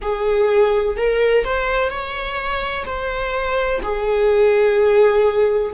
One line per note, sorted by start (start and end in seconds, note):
0.01 0.97 G#4
0.97 1.44 A#4
1.44 1.89 C5
1.89 2.84 C#5
2.85 3.80 C5
3.82 5.73 G#4